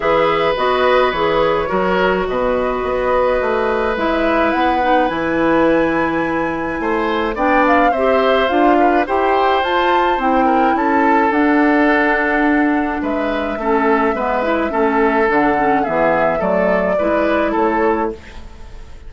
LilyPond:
<<
  \new Staff \with { instrumentName = "flute" } { \time 4/4 \tempo 4 = 106 e''4 dis''4 cis''2 | dis''2. e''4 | fis''4 gis''2.~ | gis''4 g''8 f''8 e''4 f''4 |
g''4 a''4 g''4 a''4 | fis''2. e''4~ | e''2. fis''4 | e''4 d''2 cis''4 | }
  \new Staff \with { instrumentName = "oboe" } { \time 4/4 b'2. ais'4 | b'1~ | b'1 | c''4 d''4 c''4. b'8 |
c''2~ c''8 ais'8 a'4~ | a'2. b'4 | a'4 b'4 a'2 | gis'4 a'4 b'4 a'4 | }
  \new Staff \with { instrumentName = "clarinet" } { \time 4/4 gis'4 fis'4 gis'4 fis'4~ | fis'2. e'4~ | e'8 dis'8 e'2.~ | e'4 d'4 g'4 f'4 |
g'4 f'4 e'2 | d'1 | cis'4 b8 e'8 cis'4 d'8 cis'8 | b4 a4 e'2 | }
  \new Staff \with { instrumentName = "bassoon" } { \time 4/4 e4 b4 e4 fis4 | b,4 b4 a4 gis4 | b4 e2. | a4 b4 c'4 d'4 |
e'4 f'4 c'4 cis'4 | d'2. gis4 | a4 gis4 a4 d4 | e4 fis4 gis4 a4 | }
>>